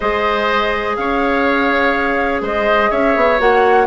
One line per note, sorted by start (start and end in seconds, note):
0.00 0.97 G#3
0.00 3.39 G#4
0.00 0.95 C5
0.00 0.96 D#5
0.96 2.41 C#4
0.96 2.42 C#5
0.96 2.41 F5
2.41 2.89 G#3
2.41 2.90 C5
2.41 2.90 D#5
2.90 3.16 C#4
2.90 3.86 C#5
2.90 3.39 E5
3.16 3.39 B3
3.39 3.86 A#3
3.39 3.86 F#4
3.39 3.86 F#5